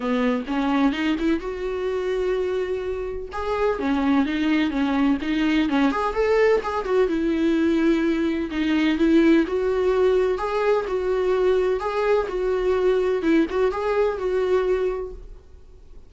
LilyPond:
\new Staff \with { instrumentName = "viola" } { \time 4/4 \tempo 4 = 127 b4 cis'4 dis'8 e'8 fis'4~ | fis'2. gis'4 | cis'4 dis'4 cis'4 dis'4 | cis'8 gis'8 a'4 gis'8 fis'8 e'4~ |
e'2 dis'4 e'4 | fis'2 gis'4 fis'4~ | fis'4 gis'4 fis'2 | e'8 fis'8 gis'4 fis'2 | }